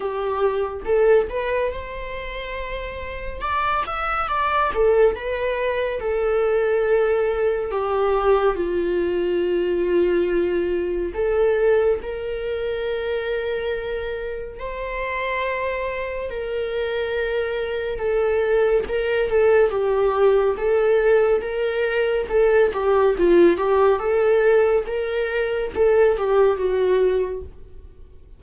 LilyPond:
\new Staff \with { instrumentName = "viola" } { \time 4/4 \tempo 4 = 70 g'4 a'8 b'8 c''2 | d''8 e''8 d''8 a'8 b'4 a'4~ | a'4 g'4 f'2~ | f'4 a'4 ais'2~ |
ais'4 c''2 ais'4~ | ais'4 a'4 ais'8 a'8 g'4 | a'4 ais'4 a'8 g'8 f'8 g'8 | a'4 ais'4 a'8 g'8 fis'4 | }